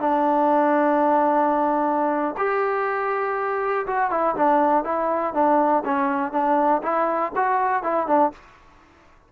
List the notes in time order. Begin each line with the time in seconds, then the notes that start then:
0.00 D4
2.37 G4
3.87 F#4
4.11 E4
4.36 D4
4.84 E4
5.34 D4
5.85 C#4
6.32 D4
6.83 E4
7.36 F#4
7.83 E4
8.07 D4